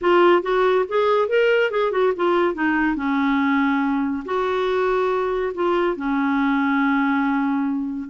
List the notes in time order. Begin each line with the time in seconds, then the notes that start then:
0.01 F4
0.42 F#4
0.88 G#4
1.28 A#4
1.70 G#4
1.91 F#4
2.16 F4
2.54 D#4
2.96 C#4
4.25 F#4
5.54 F4
5.96 C#4